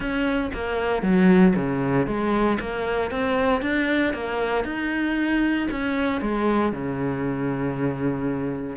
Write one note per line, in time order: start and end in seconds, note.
0.00 0.51 C#4
0.54 1.02 A#3
1.02 1.54 F#3
1.55 2.06 C#3
2.06 2.58 G#3
2.60 3.10 A#3
3.10 3.61 C4
3.61 4.13 D4
4.13 4.64 A#3
4.64 5.68 D#4
5.70 6.21 C#4
6.21 6.72 G#3
6.72 8.76 C#3